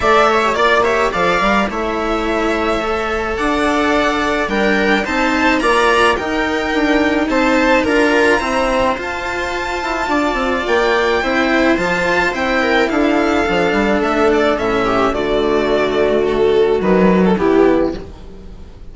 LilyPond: <<
  \new Staff \with { instrumentName = "violin" } { \time 4/4 \tempo 4 = 107 e''4 d''8 e''8 f''4 e''4~ | e''2 fis''2 | g''4 a''4 ais''4 g''4~ | g''4 a''4 ais''2 |
a''2. g''4~ | g''4 a''4 g''4 f''4~ | f''4 e''8 d''8 e''4 d''4~ | d''4 a'4 b'8. a'16 g'4 | }
  \new Staff \with { instrumentName = "viola" } { \time 4/4 d''8 cis''8 d''8 cis''8 d''4 cis''4~ | cis''2 d''2 | ais'4 c''4 d''4 ais'4~ | ais'4 c''4 ais'4 c''4~ |
c''2 d''2 | c''2~ c''8 ais'8 a'4~ | a'2~ a'8 g'8 fis'4~ | fis'2. e'4 | }
  \new Staff \with { instrumentName = "cello" } { \time 4/4 a'8. g'16 f'8 g'8 a'8 ais'8 e'4~ | e'4 a'2. | d'4 dis'4 f'4 dis'4~ | dis'2 f'4 c'4 |
f'1 | e'4 f'4 e'2 | d'2 cis'4 a4~ | a2 fis4 b4 | }
  \new Staff \with { instrumentName = "bassoon" } { \time 4/4 a4 ais4 f8 g8 a4~ | a2 d'2 | g4 c'4 ais4 dis'4 | d'4 c'4 d'4 e'4 |
f'4. e'8 d'8 c'8 ais4 | c'4 f4 c'4 d'4 | f8 g8 a4 a,4 d4~ | d2 dis4 e4 | }
>>